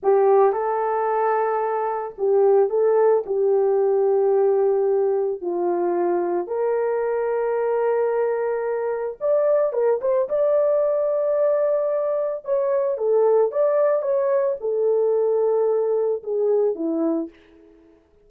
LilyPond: \new Staff \with { instrumentName = "horn" } { \time 4/4 \tempo 4 = 111 g'4 a'2. | g'4 a'4 g'2~ | g'2 f'2 | ais'1~ |
ais'4 d''4 ais'8 c''8 d''4~ | d''2. cis''4 | a'4 d''4 cis''4 a'4~ | a'2 gis'4 e'4 | }